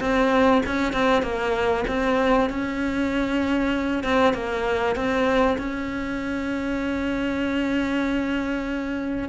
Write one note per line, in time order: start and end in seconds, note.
0.00 0.62 C4
0.66 0.93 C#4
0.93 1.22 C4
1.22 1.84 A#3
1.88 2.49 C4
2.49 4.03 C#4
4.03 4.34 C4
4.34 4.95 A#3
4.95 5.57 C4
5.58 9.29 C#4